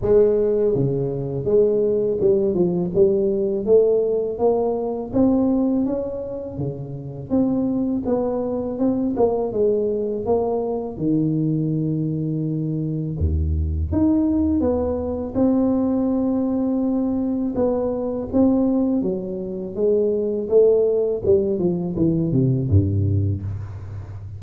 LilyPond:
\new Staff \with { instrumentName = "tuba" } { \time 4/4 \tempo 4 = 82 gis4 cis4 gis4 g8 f8 | g4 a4 ais4 c'4 | cis'4 cis4 c'4 b4 | c'8 ais8 gis4 ais4 dis4~ |
dis2 dis,4 dis'4 | b4 c'2. | b4 c'4 fis4 gis4 | a4 g8 f8 e8 c8 g,4 | }